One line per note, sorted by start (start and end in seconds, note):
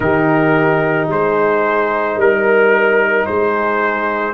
0.00 1.07 D#3
0.00 4.33 D#4
0.00 1.11 G4
0.00 1.08 A#4
1.07 2.16 G#3
1.07 2.16 G#4
1.07 2.20 C5
2.16 3.25 G3
2.16 3.25 A#4
3.25 4.33 G#3
3.25 4.33 G#4
3.25 4.33 C5